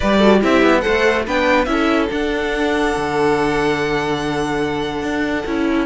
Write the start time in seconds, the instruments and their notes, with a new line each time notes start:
0.00 cello G3, viola G4, violin B4 D5
0.18 viola F#4, violin A4
0.40 cello C4, viola E4, violin G4 E5
0.62 cello B3
0.80 viola A4, violin C5 F#5
0.87 cello A3
1.26 cello B3, viola D4, violin B4 G5
1.65 cello C#4, viola E4, violin E5
1.71 violin A4
2.08 viola D4, cello D4, violin F#5
2.96 cello D3
5.02 cello D4
5.46 cello C#4, viola E4